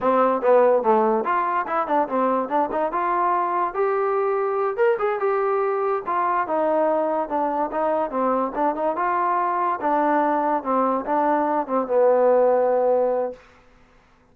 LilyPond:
\new Staff \with { instrumentName = "trombone" } { \time 4/4 \tempo 4 = 144 c'4 b4 a4 f'4 | e'8 d'8 c'4 d'8 dis'8 f'4~ | f'4 g'2~ g'8 ais'8 | gis'8 g'2 f'4 dis'8~ |
dis'4. d'4 dis'4 c'8~ | c'8 d'8 dis'8 f'2 d'8~ | d'4. c'4 d'4. | c'8 b2.~ b8 | }